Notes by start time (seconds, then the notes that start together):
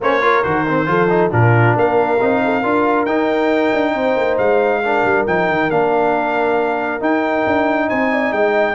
0.00 A#3 C#4 C5 C#5
0.21 F4 A#4
0.43 D#3 F#4 C5
0.68 C4
0.85 F3 F4 A4
1.09 D#4
1.31 A#2 D4 F4 A#4
1.75 A#3 A#4 F5
2.21 C4 D#4
2.44 A4
2.60 D4 F4 A#4
3.05 D#4 G5
3.73 D4
3.93 C4 C5
4.16 A#3
4.38 G#3 F5
4.84 D4 A#4
5.04 G3
5.26 F3 D#4 G5
5.48 D#3
5.69 A#3 D4 F5
7.00 D#4 G5
7.46 D4
7.88 C4 C5 G#5
8.12 D5
8.31 G#3 D#5 G5